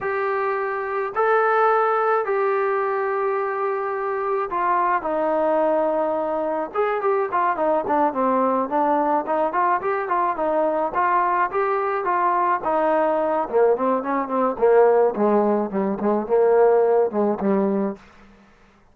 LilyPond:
\new Staff \with { instrumentName = "trombone" } { \time 4/4 \tempo 4 = 107 g'2 a'2 | g'1 | f'4 dis'2. | gis'8 g'8 f'8 dis'8 d'8 c'4 d'8~ |
d'8 dis'8 f'8 g'8 f'8 dis'4 f'8~ | f'8 g'4 f'4 dis'4. | ais8 c'8 cis'8 c'8 ais4 gis4 | g8 gis8 ais4. gis8 g4 | }